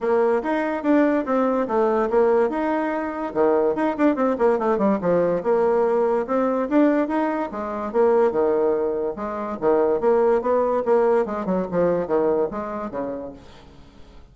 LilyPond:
\new Staff \with { instrumentName = "bassoon" } { \time 4/4 \tempo 4 = 144 ais4 dis'4 d'4 c'4 | a4 ais4 dis'2 | dis4 dis'8 d'8 c'8 ais8 a8 g8 | f4 ais2 c'4 |
d'4 dis'4 gis4 ais4 | dis2 gis4 dis4 | ais4 b4 ais4 gis8 fis8 | f4 dis4 gis4 cis4 | }